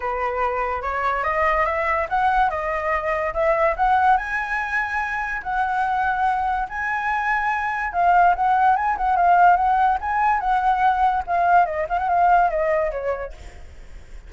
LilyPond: \new Staff \with { instrumentName = "flute" } { \time 4/4 \tempo 4 = 144 b'2 cis''4 dis''4 | e''4 fis''4 dis''2 | e''4 fis''4 gis''2~ | gis''4 fis''2. |
gis''2. f''4 | fis''4 gis''8 fis''8 f''4 fis''4 | gis''4 fis''2 f''4 | dis''8 f''16 fis''16 f''4 dis''4 cis''4 | }